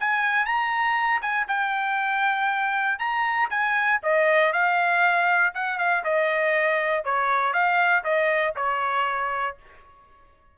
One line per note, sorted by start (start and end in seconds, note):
0.00 0.45 G#5
0.45 1.21 A#5
1.21 1.47 G#5
1.48 2.99 G5
2.99 3.49 A#5
3.50 4.00 G#5
4.03 4.53 D#5
4.53 5.53 F5
5.54 5.78 F#5
5.78 6.03 F5
6.04 7.04 D#5
7.04 7.53 C#5
7.53 8.03 F5
8.04 8.54 D#5
8.56 9.57 C#5